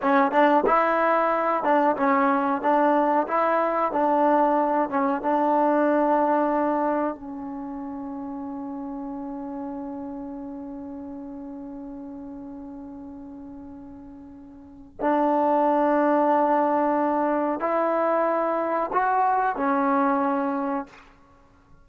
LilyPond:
\new Staff \with { instrumentName = "trombone" } { \time 4/4 \tempo 4 = 92 cis'8 d'8 e'4. d'8 cis'4 | d'4 e'4 d'4. cis'8 | d'2. cis'4~ | cis'1~ |
cis'1~ | cis'2. d'4~ | d'2. e'4~ | e'4 fis'4 cis'2 | }